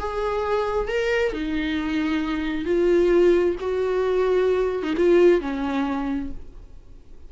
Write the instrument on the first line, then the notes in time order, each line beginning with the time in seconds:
viola
0.00 G#4
0.89 A#4
1.33 D#4
2.66 F4
3.61 F#4
4.83 D#4
4.98 F4
5.41 C#4